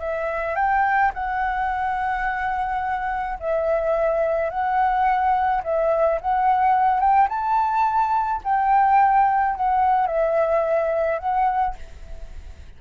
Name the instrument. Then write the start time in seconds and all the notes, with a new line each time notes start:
flute
0.00 E5
0.56 G5
1.14 F#5
3.40 E5
4.50 F#5
5.64 E5
6.21 F#5
7.00 G5
7.29 A5
8.44 G5
9.56 F#5
10.07 E5
11.19 F#5